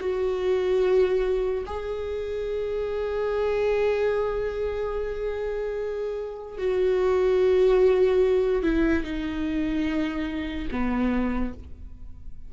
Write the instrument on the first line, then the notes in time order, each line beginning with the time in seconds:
viola
0.00 F#4
1.66 G#4
6.58 F#4
8.63 E4
9.04 D#4
10.71 B3